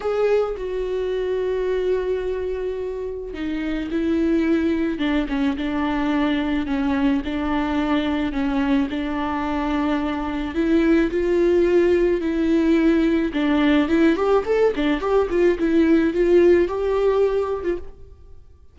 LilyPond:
\new Staff \with { instrumentName = "viola" } { \time 4/4 \tempo 4 = 108 gis'4 fis'2.~ | fis'2 dis'4 e'4~ | e'4 d'8 cis'8 d'2 | cis'4 d'2 cis'4 |
d'2. e'4 | f'2 e'2 | d'4 e'8 g'8 a'8 d'8 g'8 f'8 | e'4 f'4 g'4.~ g'16 f'16 | }